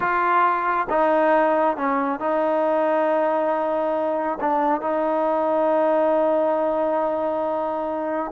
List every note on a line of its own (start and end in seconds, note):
0.00 0.87 F4
0.89 1.76 D#4
1.76 2.19 C#4
2.19 4.38 D#4
4.40 4.81 D4
4.81 8.31 D#4